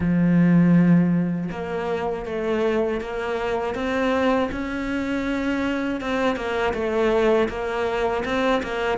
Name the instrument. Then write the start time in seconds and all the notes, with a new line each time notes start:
cello
0.00 F3
1.51 A#3
2.25 A3
3.00 A#3
3.74 C4
4.51 C#4
6.00 C4
6.35 A#3
6.73 A3
7.48 A#3
8.24 C4
8.62 A#3